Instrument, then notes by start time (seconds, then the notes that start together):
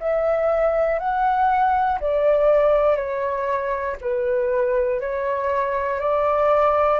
flute
0.00 E5
0.99 F#5
2.00 D5
2.96 C#5
4.01 B4
5.00 C#5
6.00 D5